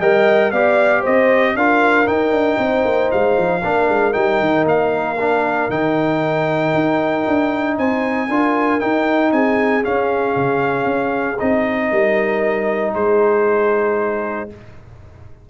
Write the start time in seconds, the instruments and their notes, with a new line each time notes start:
0.00 tuba G3, trombone A#4, horn D#5, trumpet G5
0.52 tuba B3, trombone G4, horn D5, trumpet F5
1.02 tuba C4, horn C5, trumpet D#5
1.55 tuba D4, trombone F4, horn A#4, trumpet F5
2.07 trombone D#4, tuba D#4, trumpet G5
2.31 tuba D4
2.59 tuba C4, horn C5
2.85 tuba A#3
3.12 tuba G#3, trumpet F5
3.38 tuba F3
3.64 tuba A#3, trombone D4, horn A#4
3.89 tuba G#3
4.13 tuba G3, trombone D#4, trumpet G5
4.41 tuba D#3
4.65 tuba A#3, trumpet F5
5.20 trombone D4
5.70 tuba D#3, trombone D#4, trumpet G5
6.75 tuba D#4
7.28 tuba D4
7.78 tuba C4, horn C5, trumpet G#5
8.30 tuba D4, trombone F4, horn A#4
8.80 trombone D#4, tuba D#4, trumpet G5
9.33 tuba C4, horn G#4, trumpet G#5
9.83 trombone C#4, tuba C#4, trumpet F5
10.36 tuba C#3
10.86 tuba C#4
11.40 tuba C4, trombone D#4, trumpet D#5
11.91 tuba G3, horn A#4
12.94 tuba G#3, horn G#4, trumpet C5